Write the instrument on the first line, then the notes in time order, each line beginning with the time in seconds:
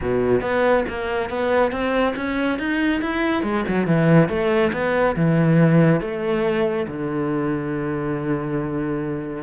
cello
0.01 B2
0.41 B3
0.88 A#3
1.29 B3
1.71 C4
2.15 C#4
2.58 D#4
3.01 E4
3.42 G#3
3.68 F#3
3.86 E3
4.28 A3
4.72 B3
5.15 E3
6.00 A3
6.87 D3